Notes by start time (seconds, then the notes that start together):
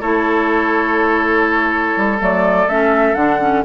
0.00 A3 E4 A4 C#5
1.97 G3
2.19 F#3 A3 D5
2.66 A3 C#4 E5
3.14 D3 D4 F#5
3.40 C#4